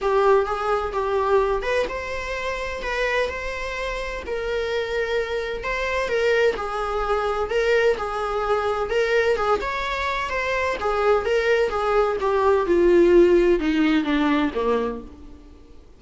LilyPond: \new Staff \with { instrumentName = "viola" } { \time 4/4 \tempo 4 = 128 g'4 gis'4 g'4. b'8 | c''2 b'4 c''4~ | c''4 ais'2. | c''4 ais'4 gis'2 |
ais'4 gis'2 ais'4 | gis'8 cis''4. c''4 gis'4 | ais'4 gis'4 g'4 f'4~ | f'4 dis'4 d'4 ais4 | }